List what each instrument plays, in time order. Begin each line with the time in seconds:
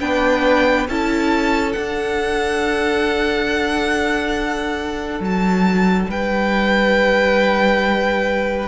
0.00 cello B3, viola D4, violin B4 G5
0.88 cello C#4, viola E4, violin A4 A5
1.72 viola D4, cello D4, violin F#5
5.20 cello F#3, violin A5
6.08 cello G3, violin B4 G5